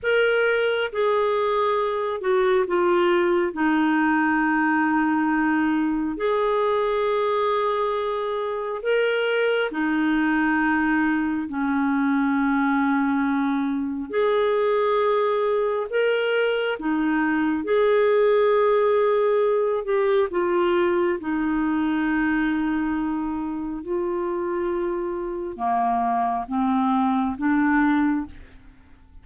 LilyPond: \new Staff \with { instrumentName = "clarinet" } { \time 4/4 \tempo 4 = 68 ais'4 gis'4. fis'8 f'4 | dis'2. gis'4~ | gis'2 ais'4 dis'4~ | dis'4 cis'2. |
gis'2 ais'4 dis'4 | gis'2~ gis'8 g'8 f'4 | dis'2. f'4~ | f'4 ais4 c'4 d'4 | }